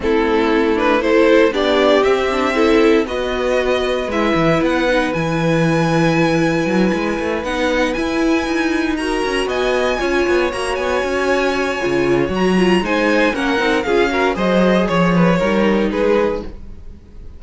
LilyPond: <<
  \new Staff \with { instrumentName = "violin" } { \time 4/4 \tempo 4 = 117 a'4. b'8 c''4 d''4 | e''2 dis''2 | e''4 fis''4 gis''2~ | gis''2~ gis''8 fis''4 gis''8~ |
gis''4. ais''4 gis''4.~ | gis''8 ais''8 gis''2. | ais''4 gis''4 fis''4 f''4 | dis''4 cis''2 b'4 | }
  \new Staff \with { instrumentName = "violin" } { \time 4/4 e'2 a'4 g'4~ | g'4 a'4 b'2~ | b'1~ | b'1~ |
b'4. ais'4 dis''4 cis''8~ | cis''1~ | cis''4 c''4 ais'4 gis'8 ais'8 | c''4 cis''8 b'8 ais'4 gis'4 | }
  \new Staff \with { instrumentName = "viola" } { \time 4/4 c'4. d'8 e'4 d'4 | c'8 d'8 e'4 fis'2 | e'4. dis'8 e'2~ | e'2~ e'8 dis'4 e'8~ |
e'4. fis'2 f'8~ | f'8 fis'2~ fis'8 f'4 | fis'8 f'8 dis'4 cis'8 dis'8 f'8 fis'8 | gis'2 dis'2 | }
  \new Staff \with { instrumentName = "cello" } { \time 4/4 a2. b4 | c'2 b2 | gis8 e8 b4 e2~ | e4 fis8 gis8 a8 b4 e'8~ |
e'8 dis'4. cis'8 b4 cis'8 | b8 ais8 b8 cis'4. cis4 | fis4 gis4 ais8 c'8 cis'4 | fis4 f4 g4 gis4 | }
>>